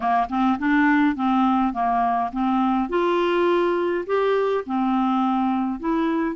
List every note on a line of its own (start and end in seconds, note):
0.00 0.27 A#3
0.29 0.58 C4
0.58 1.15 D4
1.15 1.73 C4
1.73 2.31 A#3
2.32 2.89 C4
2.89 4.04 F4
4.06 4.64 G4
4.65 5.79 C4
5.79 6.35 E4